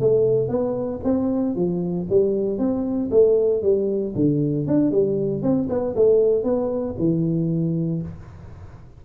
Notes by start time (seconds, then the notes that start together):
0.00 A3
0.48 B3
1.04 C4
1.55 F3
2.09 G3
2.58 C4
3.11 A3
3.62 G3
4.15 D3
4.67 D4
4.91 G3
5.42 C4
5.69 B3
5.96 A3
6.43 B3
6.99 E3